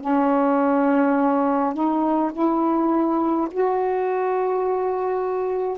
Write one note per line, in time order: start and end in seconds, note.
0.00 1.73 C#4
1.73 2.31 D#4
2.32 3.48 E4
3.51 5.77 F#4